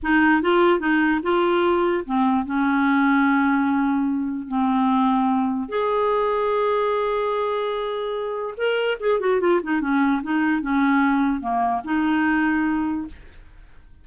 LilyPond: \new Staff \with { instrumentName = "clarinet" } { \time 4/4 \tempo 4 = 147 dis'4 f'4 dis'4 f'4~ | f'4 c'4 cis'2~ | cis'2. c'4~ | c'2 gis'2~ |
gis'1~ | gis'4 ais'4 gis'8 fis'8 f'8 dis'8 | cis'4 dis'4 cis'2 | ais4 dis'2. | }